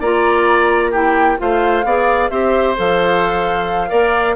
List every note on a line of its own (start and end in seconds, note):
0.00 1.38 A#3
0.00 0.93 F4
0.00 0.91 D5
0.00 0.93 A#5
0.91 1.37 E4
0.91 1.36 G4
0.91 1.39 G5
1.37 1.84 A3
1.37 1.83 F4
1.37 1.85 C5
1.37 2.29 F5
1.84 2.30 B3
1.84 2.30 G#4
1.84 2.30 D5
2.29 2.76 C4
2.29 2.76 G4
2.29 3.89 C5
2.29 2.75 E5
2.76 3.91 F3
2.76 3.87 A4
2.76 4.35 F5
3.87 4.35 A#3
3.87 4.33 A#4
3.87 4.35 D5